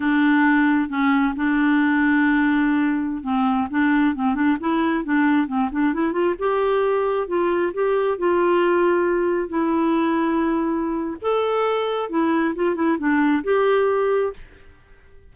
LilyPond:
\new Staff \with { instrumentName = "clarinet" } { \time 4/4 \tempo 4 = 134 d'2 cis'4 d'4~ | d'2.~ d'16 c'8.~ | c'16 d'4 c'8 d'8 e'4 d'8.~ | d'16 c'8 d'8 e'8 f'8 g'4.~ g'16~ |
g'16 f'4 g'4 f'4.~ f'16~ | f'4~ f'16 e'2~ e'8.~ | e'4 a'2 e'4 | f'8 e'8 d'4 g'2 | }